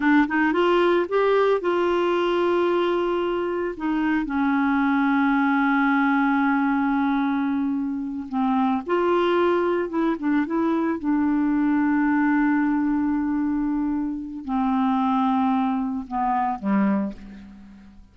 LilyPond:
\new Staff \with { instrumentName = "clarinet" } { \time 4/4 \tempo 4 = 112 d'8 dis'8 f'4 g'4 f'4~ | f'2. dis'4 | cis'1~ | cis'2.~ cis'8 c'8~ |
c'8 f'2 e'8 d'8 e'8~ | e'8 d'2.~ d'8~ | d'2. c'4~ | c'2 b4 g4 | }